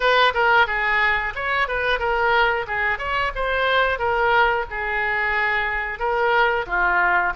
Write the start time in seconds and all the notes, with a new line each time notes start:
0.00 B4
0.34 A#4
0.66 G#4
1.35 C#5
1.68 B4
1.99 A#4
2.67 G#4
2.98 C#5
3.35 C5
3.98 A#4
4.70 G#4
5.98 A#4
6.66 F4